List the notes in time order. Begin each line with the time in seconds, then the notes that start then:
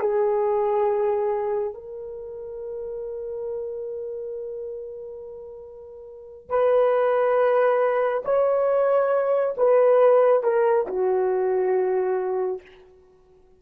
0.00 G#4
1.74 A#4
6.49 B4
8.25 C#5
9.57 B4
10.43 A#4
10.87 F#4